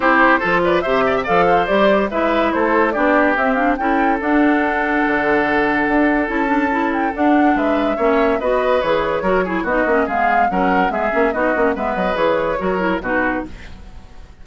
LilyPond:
<<
  \new Staff \with { instrumentName = "flute" } { \time 4/4 \tempo 4 = 143 c''4. d''8 e''4 f''4 | d''4 e''4 c''4 d''4 | e''8 f''8 g''4 fis''2~ | fis''2. a''4~ |
a''8 g''8 fis''4 e''2 | dis''4 cis''2 dis''4 | f''4 fis''4 e''4 dis''4 | e''8 dis''8 cis''2 b'4 | }
  \new Staff \with { instrumentName = "oboe" } { \time 4/4 g'4 a'8 b'8 c''8 d''16 e''16 d''8 c''8~ | c''4 b'4 a'4 g'4~ | g'4 a'2.~ | a'1~ |
a'2 b'4 cis''4 | b'2 ais'8 gis'8 fis'4 | gis'4 ais'4 gis'4 fis'4 | b'2 ais'4 fis'4 | }
  \new Staff \with { instrumentName = "clarinet" } { \time 4/4 e'4 f'4 g'4 a'4 | g'4 e'2 d'4 | c'8 d'8 e'4 d'2~ | d'2. e'8 d'8 |
e'4 d'2 cis'4 | fis'4 gis'4 fis'8 e'8 dis'8 cis'8 | b4 cis'4 b8 cis'8 dis'8 cis'8 | b4 gis'4 fis'8 e'8 dis'4 | }
  \new Staff \with { instrumentName = "bassoon" } { \time 4/4 c'4 f4 c4 f4 | g4 gis4 a4 b4 | c'4 cis'4 d'2 | d2 d'4 cis'4~ |
cis'4 d'4 gis4 ais4 | b4 e4 fis4 b8 ais8 | gis4 fis4 gis8 ais8 b8 ais8 | gis8 fis8 e4 fis4 b,4 | }
>>